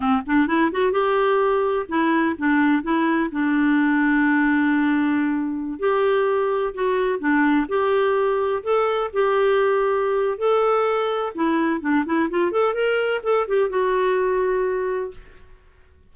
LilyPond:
\new Staff \with { instrumentName = "clarinet" } { \time 4/4 \tempo 4 = 127 c'8 d'8 e'8 fis'8 g'2 | e'4 d'4 e'4 d'4~ | d'1~ | d'16 g'2 fis'4 d'8.~ |
d'16 g'2 a'4 g'8.~ | g'2 a'2 | e'4 d'8 e'8 f'8 a'8 ais'4 | a'8 g'8 fis'2. | }